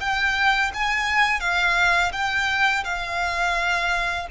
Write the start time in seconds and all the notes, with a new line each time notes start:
0.00 G5
0.74 G#5
1.40 F5
2.12 G5
2.84 F5